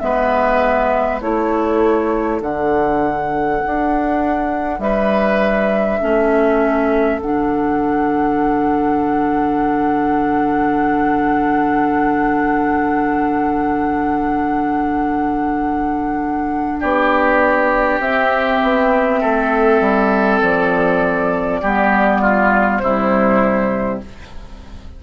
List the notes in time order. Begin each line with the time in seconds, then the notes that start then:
0.00 G#3 B3 B4 E5
1.21 A3 E4 A4 C#5
2.41 D3 D4 F#5
3.67 D4
4.79 G3 B4 E5
6.00 A3 C#4 A4
7.20 D3 D4 F#5
16.80 B3 G4 D5
18.00 C4 E5
18.63 B3
19.21 A3 A4
19.81 G3
20.41 F3 D5
21.62 G3 B3 G4
22.22 F4
22.79 C3 G3 E4 C5